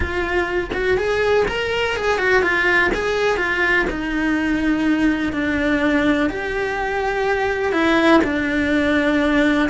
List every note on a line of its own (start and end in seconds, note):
0.00 0.70 F4
0.73 0.97 F#4
0.97 1.45 G#4
1.48 1.96 A#4
1.96 2.18 G#4
2.18 2.42 F#4
2.42 2.91 F4
2.94 3.37 G#4
3.37 3.85 F4
3.90 5.32 D#4
5.32 6.29 D4
6.29 7.72 G4
7.72 8.20 E4
8.24 9.69 D4